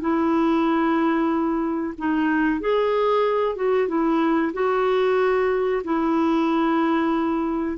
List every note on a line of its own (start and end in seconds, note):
0.00 1.94 E4
1.98 2.60 D#4
2.60 3.56 G#4
3.56 3.88 F#4
3.88 4.52 E4
4.53 5.82 F#4
5.84 7.77 E4